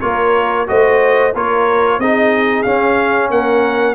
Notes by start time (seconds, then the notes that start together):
0.00 A#3 F4 A#4 C#5
0.66 A3 F#4 C5 D#5
1.33 A#3 F4 A#4 C#5
1.98 C4 D#4 G#4 D#5
2.62 C#4 F5
3.30 A#3 A#4 F#5